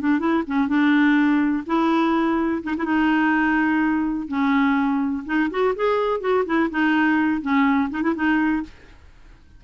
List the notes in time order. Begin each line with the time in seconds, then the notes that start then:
0.00 D4
0.19 E4
0.47 C#4
0.68 D4
1.66 E4
2.63 D#4
2.77 E4
2.85 D#4
4.28 C#4
5.26 D#4
5.50 F#4
5.76 G#4
6.20 F#4
6.46 E4
6.71 D#4
7.42 C#4
7.90 D#4
8.02 E4
8.15 D#4